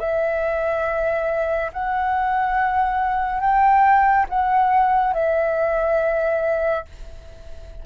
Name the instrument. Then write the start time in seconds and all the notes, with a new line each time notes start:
flute
0.00 E5
1.73 F#5
3.41 G5
4.30 F#5
5.14 E5